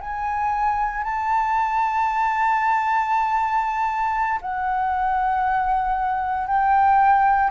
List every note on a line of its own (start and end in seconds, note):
0.00 1.03 G#5
1.03 4.40 A5
4.41 6.47 F#5
6.47 7.50 G5